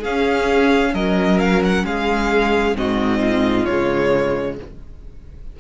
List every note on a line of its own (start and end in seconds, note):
0.00 2.75 C#4
0.00 0.95 C#4
0.00 0.91 G#4
0.00 0.95 F5
0.94 1.85 F#3
0.94 1.85 A#4
0.94 1.40 D#5
1.40 1.62 F5
1.65 1.86 F#5
1.85 2.75 G#3
1.85 2.77 G#4
1.85 2.77 F5
2.75 3.66 G#2
2.75 3.66 C4
2.75 3.20 F#4
2.75 3.66 D#5
3.20 4.56 F4
3.66 4.59 C#3
3.66 4.60 G#3
3.66 4.57 C#5